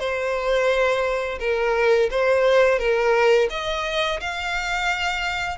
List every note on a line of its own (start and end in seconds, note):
0.00 1.40 C5
1.40 2.10 A#4
2.12 2.79 C5
2.79 3.49 A#4
3.50 4.20 D#5
4.21 5.58 F5